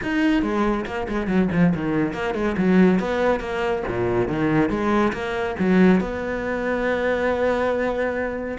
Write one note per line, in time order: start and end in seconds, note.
0.03 0.42 D#4
0.42 0.85 G#3
0.85 1.07 A#3
1.08 1.27 G#3
1.27 1.48 F#3
1.52 1.73 F3
1.74 2.13 D#3
2.13 2.34 A#3
2.34 2.56 G#3
2.57 2.99 F#3
2.99 3.40 B3
3.40 3.82 A#3
3.87 4.28 A#2
4.28 4.69 D#3
4.69 5.12 G#3
5.12 5.55 A#3
5.59 6.00 F#3
6.00 8.57 B3